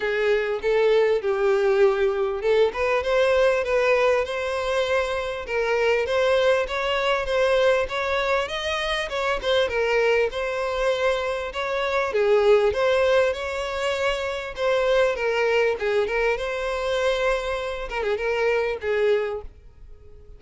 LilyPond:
\new Staff \with { instrumentName = "violin" } { \time 4/4 \tempo 4 = 99 gis'4 a'4 g'2 | a'8 b'8 c''4 b'4 c''4~ | c''4 ais'4 c''4 cis''4 | c''4 cis''4 dis''4 cis''8 c''8 |
ais'4 c''2 cis''4 | gis'4 c''4 cis''2 | c''4 ais'4 gis'8 ais'8 c''4~ | c''4. ais'16 gis'16 ais'4 gis'4 | }